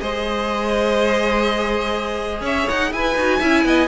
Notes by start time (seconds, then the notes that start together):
0.00 G#3 G#4 C5 D#5
2.40 C#4 C#5 E5
2.68 D#4 F#5
2.92 E4 B4 G#5
3.15 D#4 F#4
3.39 C#4 E4 E5
3.64 B3 D#5